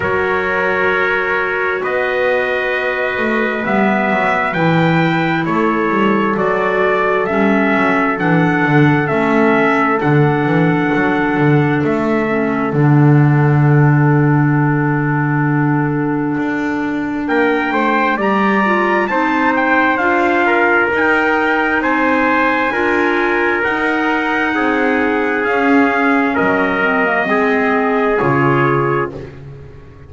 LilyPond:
<<
  \new Staff \with { instrumentName = "trumpet" } { \time 4/4 \tempo 4 = 66 cis''2 dis''2 | e''4 g''4 cis''4 d''4 | e''4 fis''4 e''4 fis''4~ | fis''4 e''4 fis''2~ |
fis''2. g''4 | ais''4 a''8 g''8 f''4 g''4 | gis''2 fis''2 | f''4 dis''2 cis''4 | }
  \new Staff \with { instrumentName = "trumpet" } { \time 4/4 ais'2 b'2~ | b'2 a'2~ | a'1~ | a'1~ |
a'2. ais'8 c''8 | d''4 c''4. ais'4. | c''4 ais'2 gis'4~ | gis'4 ais'4 gis'2 | }
  \new Staff \with { instrumentName = "clarinet" } { \time 4/4 fis'1 | b4 e'2 fis'4 | cis'4 d'4 cis'4 d'4~ | d'4. cis'8 d'2~ |
d'1 | g'8 f'8 dis'4 f'4 dis'4~ | dis'4 f'4 dis'2 | cis'4. c'16 ais16 c'4 f'4 | }
  \new Staff \with { instrumentName = "double bass" } { \time 4/4 fis2 b4. a8 | g8 fis8 e4 a8 g8 fis4 | g8 fis8 e8 d8 a4 d8 e8 | fis8 d8 a4 d2~ |
d2 d'4 ais8 a8 | g4 c'4 d'4 dis'4 | c'4 d'4 dis'4 c'4 | cis'4 fis4 gis4 cis4 | }
>>